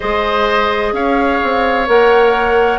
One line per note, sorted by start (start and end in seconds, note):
0.00 0.93 G#3
0.00 1.87 G#4
0.00 0.93 C5
0.00 0.94 D#5
0.93 1.39 C#4
0.93 2.78 C#5
0.93 1.88 F5
1.43 1.88 C4
1.87 2.78 A#3
1.87 2.78 A#4
1.87 2.78 F#5